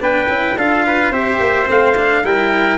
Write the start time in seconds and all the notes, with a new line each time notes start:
0.00 B3 D4 B4 G5
0.28 C#4 E4
0.57 D4 F4 A4 F5
0.86 B4
1.10 C4 G4 C5 E5
1.40 A#3
1.66 A3 C4 F5
1.97 D4
2.23 G3 E4 A#4 G5